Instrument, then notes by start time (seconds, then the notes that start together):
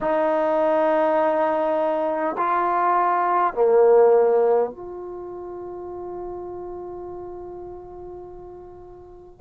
trombone
0.00 D#4
2.37 F4
3.53 A#3
4.70 F4